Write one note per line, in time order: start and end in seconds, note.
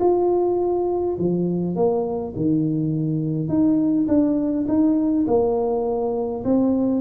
0.00 1.17 F4
1.19 1.76 F3
1.76 2.34 A#3
2.36 3.48 D#3
3.48 4.07 D#4
4.08 4.66 D4
4.68 5.26 D#4
5.27 6.44 A#3
6.45 7.01 C4